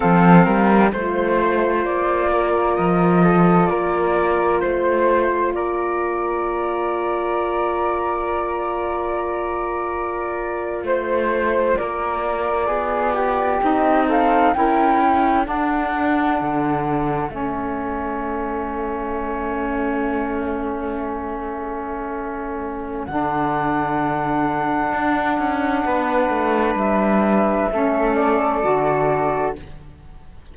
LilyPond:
<<
  \new Staff \with { instrumentName = "flute" } { \time 4/4 \tempo 4 = 65 f''4 c''4 d''4 dis''4 | d''4 c''4 d''2~ | d''2.~ d''8. c''16~ | c''8. d''2 dis''8 f''8 g''16~ |
g''8. fis''2 e''4~ e''16~ | e''1~ | e''4 fis''2.~ | fis''4 e''4. d''4. | }
  \new Staff \with { instrumentName = "flute" } { \time 4/4 a'8 ais'8 c''4. ais'4 a'8 | ais'4 c''4 ais'2~ | ais'2.~ ais'8. c''16~ | c''8. ais'4 gis'8 g'4 a'8 ais'16~ |
ais'16 a'2.~ a'8.~ | a'1~ | a'1 | b'2 a'2 | }
  \new Staff \with { instrumentName = "saxophone" } { \time 4/4 c'4 f'2.~ | f'1~ | f'1~ | f'2~ f'8. dis'4 e'16~ |
e'8. d'2 cis'4~ cis'16~ | cis'1~ | cis'4 d'2.~ | d'2 cis'4 fis'4 | }
  \new Staff \with { instrumentName = "cello" } { \time 4/4 f8 g8 a4 ais4 f4 | ais4 a4 ais2~ | ais2.~ ais8. a16~ | a8. ais4 b4 c'4 cis'16~ |
cis'8. d'4 d4 a4~ a16~ | a1~ | a4 d2 d'8 cis'8 | b8 a8 g4 a4 d4 | }
>>